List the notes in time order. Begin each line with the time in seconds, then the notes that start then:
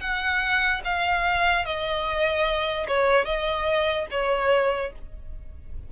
0.00 F#5
0.84 F5
1.65 D#5
2.87 C#5
3.25 D#5
4.11 C#5